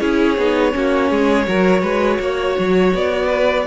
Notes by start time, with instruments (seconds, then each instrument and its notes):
0.00 cello C#4, viola E4, violin G#4 C#5
0.38 cello B3, viola D#4
0.72 cello A#3, viola C#4, violin F#4
1.10 cello G#3, violin G#4
1.46 cello F#3, viola F#4, violin A#4
1.82 cello G#3, violin B4
2.20 cello A#3, violin C#5
2.59 cello F#3
2.94 cello B3, violin D5
3.27 violin B4